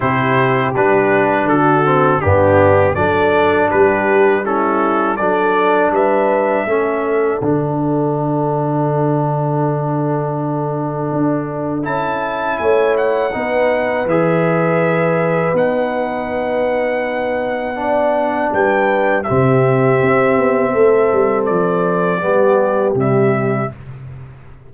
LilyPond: <<
  \new Staff \with { instrumentName = "trumpet" } { \time 4/4 \tempo 4 = 81 c''4 b'4 a'4 g'4 | d''4 b'4 a'4 d''4 | e''2 fis''2~ | fis''1 |
a''4 gis''8 fis''4. e''4~ | e''4 fis''2.~ | fis''4 g''4 e''2~ | e''4 d''2 e''4 | }
  \new Staff \with { instrumentName = "horn" } { \time 4/4 g'2 fis'4 d'4 | a'4 g'4 e'4 a'4 | b'4 a'2.~ | a'1~ |
a'4 cis''4 b'2~ | b'1 | d''4 b'4 g'2 | a'2 g'2 | }
  \new Staff \with { instrumentName = "trombone" } { \time 4/4 e'4 d'4. c'8 b4 | d'2 cis'4 d'4~ | d'4 cis'4 d'2~ | d'1 |
e'2 dis'4 gis'4~ | gis'4 dis'2. | d'2 c'2~ | c'2 b4 g4 | }
  \new Staff \with { instrumentName = "tuba" } { \time 4/4 c4 g4 d4 g,4 | fis4 g2 fis4 | g4 a4 d2~ | d2. d'4 |
cis'4 a4 b4 e4~ | e4 b2.~ | b4 g4 c4 c'8 b8 | a8 g8 f4 g4 c4 | }
>>